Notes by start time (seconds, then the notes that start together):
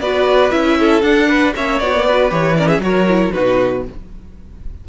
0.00 B3 F#4 B4 D5
0.51 C#4 E4 E5
0.79 A4
1.02 D4 F#5
1.28 B4
1.56 A#3 C#4 C#5 E5
1.79 B3 F#4 D5
1.95 A#3
2.06 F#4 B4
2.30 E3 G4 C#5
2.56 C#4 A#4 D5
2.68 G#4 E5
2.78 F#3 F#4 A#4 C#5
3.09 E4
3.32 B2 D#4 F#4 B4